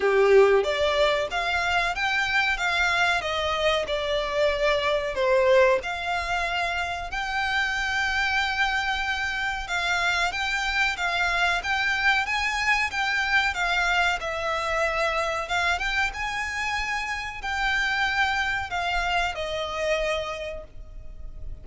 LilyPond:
\new Staff \with { instrumentName = "violin" } { \time 4/4 \tempo 4 = 93 g'4 d''4 f''4 g''4 | f''4 dis''4 d''2 | c''4 f''2 g''4~ | g''2. f''4 |
g''4 f''4 g''4 gis''4 | g''4 f''4 e''2 | f''8 g''8 gis''2 g''4~ | g''4 f''4 dis''2 | }